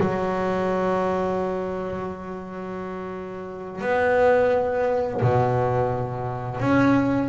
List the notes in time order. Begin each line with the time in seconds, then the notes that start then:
0.00 F#3
3.81 B3
5.21 B2
6.60 C#4